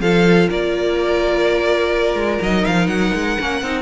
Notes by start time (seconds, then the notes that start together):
0.00 F3 F4 A4 F5
0.49 A#3 A#4 D5
2.14 G#3
2.41 F#3 D#4 D#5
2.65 F3 F5
2.87 F#3 F#5
3.14 G#3
3.39 A#3 C#4
3.61 C4 D#4